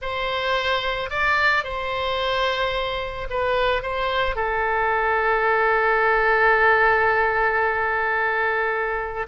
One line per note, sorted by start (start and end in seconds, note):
0.01 1.10 C5
1.10 1.64 D5
1.64 3.27 C5
3.30 3.82 B4
3.82 4.35 C5
4.35 9.26 A4